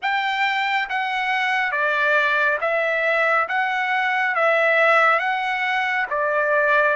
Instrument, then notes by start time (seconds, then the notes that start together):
trumpet
0.02 G5
0.89 F#5
1.71 D5
2.60 E5
3.48 F#5
4.35 E5
5.19 F#5
6.09 D5